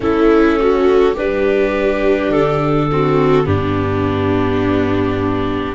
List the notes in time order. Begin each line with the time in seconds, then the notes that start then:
0.00 A3 C#4 E4 A4
0.59 F#4
1.13 G3 D4 G4 B4
2.28 D3 A4
2.91 C4 F#4
3.44 G2 B3 D4 G4